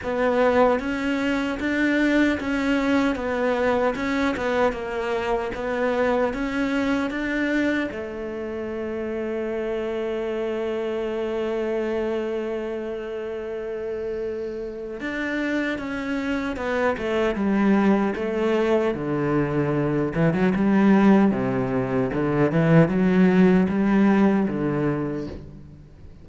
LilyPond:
\new Staff \with { instrumentName = "cello" } { \time 4/4 \tempo 4 = 76 b4 cis'4 d'4 cis'4 | b4 cis'8 b8 ais4 b4 | cis'4 d'4 a2~ | a1~ |
a2. d'4 | cis'4 b8 a8 g4 a4 | d4. e16 fis16 g4 c4 | d8 e8 fis4 g4 d4 | }